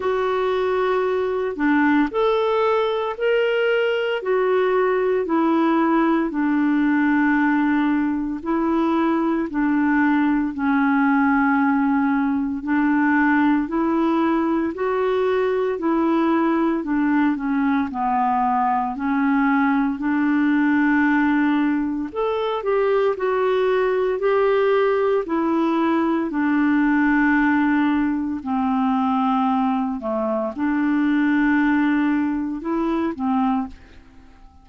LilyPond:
\new Staff \with { instrumentName = "clarinet" } { \time 4/4 \tempo 4 = 57 fis'4. d'8 a'4 ais'4 | fis'4 e'4 d'2 | e'4 d'4 cis'2 | d'4 e'4 fis'4 e'4 |
d'8 cis'8 b4 cis'4 d'4~ | d'4 a'8 g'8 fis'4 g'4 | e'4 d'2 c'4~ | c'8 a8 d'2 e'8 c'8 | }